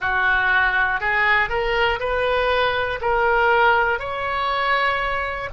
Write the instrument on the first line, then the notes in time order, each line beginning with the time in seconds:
oboe
0.00 F#4
1.00 G#4
1.49 A#4
2.00 B4
3.00 A#4
3.99 C#5